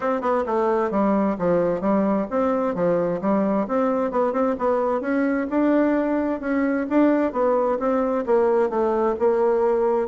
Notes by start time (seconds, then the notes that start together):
0.00 C4
0.21 B3
0.46 A3
0.90 G3
1.38 F3
1.80 G3
2.30 C4
2.74 F3
3.21 G3
3.67 C4
4.11 B3
4.32 C4
4.58 B3
5.00 C#4
5.50 D4
6.40 C#4
6.89 D4
7.32 B3
7.79 C4
8.26 A#3
8.69 A3
9.19 A#3